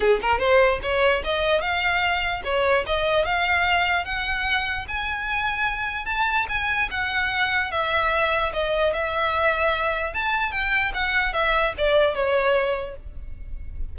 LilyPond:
\new Staff \with { instrumentName = "violin" } { \time 4/4 \tempo 4 = 148 gis'8 ais'8 c''4 cis''4 dis''4 | f''2 cis''4 dis''4 | f''2 fis''2 | gis''2. a''4 |
gis''4 fis''2 e''4~ | e''4 dis''4 e''2~ | e''4 a''4 g''4 fis''4 | e''4 d''4 cis''2 | }